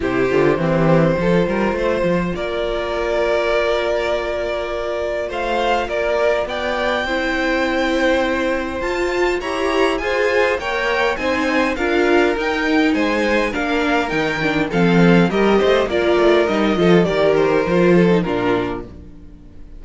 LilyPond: <<
  \new Staff \with { instrumentName = "violin" } { \time 4/4 \tempo 4 = 102 c''1 | d''1~ | d''4 f''4 d''4 g''4~ | g''2. a''4 |
ais''4 gis''4 g''4 gis''4 | f''4 g''4 gis''4 f''4 | g''4 f''4 dis''4 d''4 | dis''4 d''8 c''4. ais'4 | }
  \new Staff \with { instrumentName = "violin" } { \time 4/4 g'4 c'4 a'8 ais'8 c''4 | ais'1~ | ais'4 c''4 ais'4 d''4 | c''1 |
cis''4 c''4 cis''4 c''4 | ais'2 c''4 ais'4~ | ais'4 a'4 ais'8 c''8 ais'4~ | ais'8 a'8 ais'4. a'8 f'4 | }
  \new Staff \with { instrumentName = "viola" } { \time 4/4 e'8 f'8 g'4 f'2~ | f'1~ | f'1 | e'2. f'4 |
g'4 gis'4 ais'4 dis'4 | f'4 dis'2 d'4 | dis'8 d'8 c'4 g'4 f'4 | dis'8 f'8 g'4 f'8. dis'16 d'4 | }
  \new Staff \with { instrumentName = "cello" } { \time 4/4 c8 d8 e4 f8 g8 a8 f8 | ais1~ | ais4 a4 ais4 b4 | c'2. f'4 |
e'4 f'4 ais4 c'4 | d'4 dis'4 gis4 ais4 | dis4 f4 g8 a8 ais8 a8 | g8 f8 dis4 f4 ais,4 | }
>>